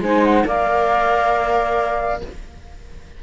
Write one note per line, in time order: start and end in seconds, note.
0.00 0.44 G#3
0.00 0.45 D#4
0.00 0.46 C5
0.00 0.24 G#5
0.24 0.46 F#5
0.45 2.21 A#3
0.45 2.20 A#4
0.45 2.22 D5
0.45 2.23 F5